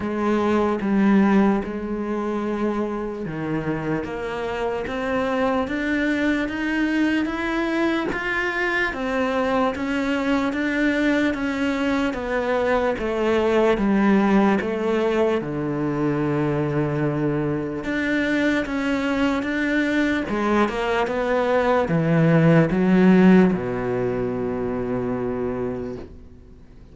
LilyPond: \new Staff \with { instrumentName = "cello" } { \time 4/4 \tempo 4 = 74 gis4 g4 gis2 | dis4 ais4 c'4 d'4 | dis'4 e'4 f'4 c'4 | cis'4 d'4 cis'4 b4 |
a4 g4 a4 d4~ | d2 d'4 cis'4 | d'4 gis8 ais8 b4 e4 | fis4 b,2. | }